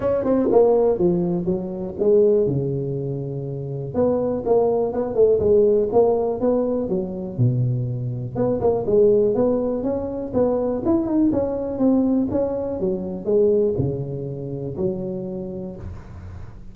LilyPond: \new Staff \with { instrumentName = "tuba" } { \time 4/4 \tempo 4 = 122 cis'8 c'8 ais4 f4 fis4 | gis4 cis2. | b4 ais4 b8 a8 gis4 | ais4 b4 fis4 b,4~ |
b,4 b8 ais8 gis4 b4 | cis'4 b4 e'8 dis'8 cis'4 | c'4 cis'4 fis4 gis4 | cis2 fis2 | }